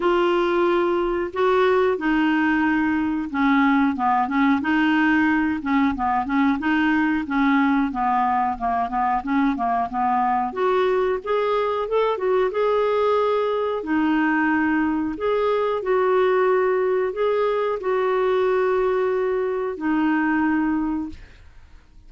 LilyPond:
\new Staff \with { instrumentName = "clarinet" } { \time 4/4 \tempo 4 = 91 f'2 fis'4 dis'4~ | dis'4 cis'4 b8 cis'8 dis'4~ | dis'8 cis'8 b8 cis'8 dis'4 cis'4 | b4 ais8 b8 cis'8 ais8 b4 |
fis'4 gis'4 a'8 fis'8 gis'4~ | gis'4 dis'2 gis'4 | fis'2 gis'4 fis'4~ | fis'2 dis'2 | }